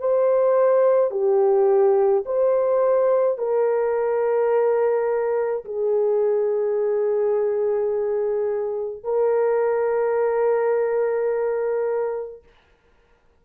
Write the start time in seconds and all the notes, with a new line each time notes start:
0.00 C5
1.11 G4
2.26 C5
3.38 A#4
5.65 G#4
9.04 A#4